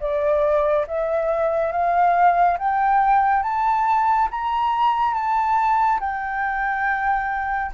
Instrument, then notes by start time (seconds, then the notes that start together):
flute
0.00 D5
0.87 E5
1.72 F5
2.58 G5
3.42 A5
4.31 A#5
5.14 A5
6.00 G5